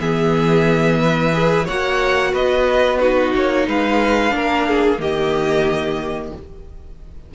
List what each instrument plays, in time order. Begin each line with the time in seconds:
0.00 cello E3, viola B3, violin G#4 E5
0.99 violin B4
1.32 viola G#4
1.65 cello A#3, viola F#4, violin C#5 F#5
2.32 cello B3, violin B4 D#5
2.98 viola D#4, violin F#4 B4
3.35 cello A#3, violin C#5
3.67 cello G#3, violin B4 F5
4.29 cello A#3, viola D4
4.36 violin A#4
4.68 violin G#4
4.98 cello D#3, viola A#3, violin G4 D#5